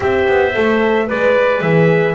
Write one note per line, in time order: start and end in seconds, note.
0.00 0.26 C4
0.00 0.52 G4
0.00 1.06 C5
0.00 1.09 E5
0.28 0.55 B3
0.55 1.10 A3
0.55 1.08 A4
1.06 1.61 G#3
1.06 2.14 B4
1.06 1.61 B4
1.06 1.61 D5
1.61 2.15 E3
1.61 2.15 G#4
1.61 2.15 E5